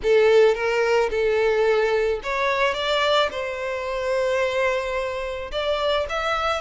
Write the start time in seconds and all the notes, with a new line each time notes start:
0.02 A4
0.54 A#4
1.10 A4
2.23 C#5
2.73 D5
3.31 C5
5.51 D5
6.09 E5